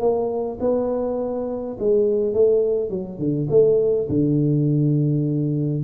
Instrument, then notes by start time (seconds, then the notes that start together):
tuba
0.00 A#3
0.61 B3
1.79 G#3
2.34 A3
2.90 F#3
3.19 D3
3.50 A3
4.09 D3